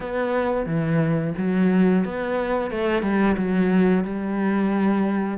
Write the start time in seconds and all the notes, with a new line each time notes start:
0.00 B3
0.66 E3
1.37 F#3
2.04 B3
2.70 A3
3.02 G3
3.37 F#3
4.04 G3